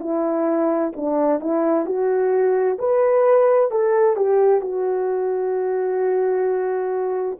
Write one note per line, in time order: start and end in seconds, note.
0.00 0.92 E4
0.97 1.40 D4
1.40 1.86 E4
1.86 2.78 F#4
2.79 3.71 B4
3.71 4.17 A4
4.17 4.61 G4
4.61 7.38 F#4